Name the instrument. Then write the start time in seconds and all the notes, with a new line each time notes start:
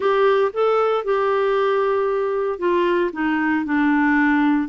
clarinet
0.00 G4
0.53 A4
1.04 G4
2.58 F4
3.13 D#4
3.65 D4